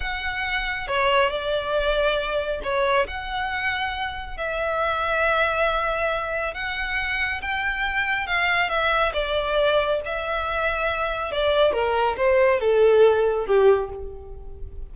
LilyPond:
\new Staff \with { instrumentName = "violin" } { \time 4/4 \tempo 4 = 138 fis''2 cis''4 d''4~ | d''2 cis''4 fis''4~ | fis''2 e''2~ | e''2. fis''4~ |
fis''4 g''2 f''4 | e''4 d''2 e''4~ | e''2 d''4 ais'4 | c''4 a'2 g'4 | }